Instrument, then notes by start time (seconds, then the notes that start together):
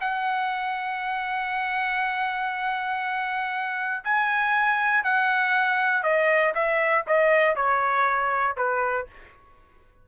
trumpet
0.00 F#5
4.04 G#5
5.04 F#5
6.03 D#5
6.54 E5
7.06 D#5
7.55 C#5
8.56 B4